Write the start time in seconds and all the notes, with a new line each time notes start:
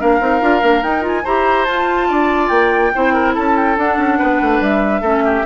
0.00 A#3 D4 A#4 F5
0.20 C4 D#4
0.41 D4 F4
0.62 A#3 D4
0.83 D#4 G5
1.01 F4
1.08 G#5
1.24 E4 G4 C5 A#5
1.65 F4 A5
2.08 D4 D5
2.48 A#3 G5
2.94 C4 E4 C5
3.13 A#4
3.35 C#4 A4 A5
3.56 G5
3.77 D4 F#5
3.98 C#4
4.18 B3 B4
4.41 A3
4.61 G3 E5
5.01 A3 C#4 A4
5.25 G4